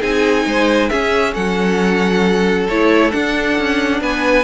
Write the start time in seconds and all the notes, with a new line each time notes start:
0.00 C4 D#4 G#4 G#5
0.45 G#3 C5
0.89 C#4 G#4 E5
1.33 F#3 A4 F#5
2.68 A3 E4 C#5
3.11 D4 F#5
3.58 C#4
4.01 B3 B4 G#5